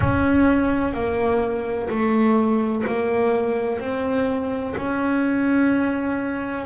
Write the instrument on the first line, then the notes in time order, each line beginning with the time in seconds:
double bass
0.00 C#4
0.93 A#3
1.89 A3
2.87 A#3
3.79 C4
4.76 C#4